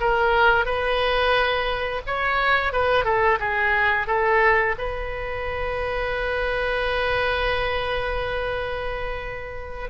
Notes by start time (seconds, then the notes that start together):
0.00 A#4
0.65 B4
2.07 C#5
2.72 B4
3.05 A4
3.40 G#4
4.07 A4
4.79 B4